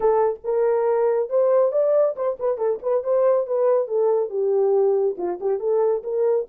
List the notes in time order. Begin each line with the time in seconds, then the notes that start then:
0.00 A4
0.44 A#4
1.29 C5
1.72 D5
2.16 C5
2.39 B4
2.57 A4
2.82 B4
3.03 C5
3.46 B4
3.87 A4
4.29 G4
5.17 F4
5.40 G4
5.59 A4
6.03 A#4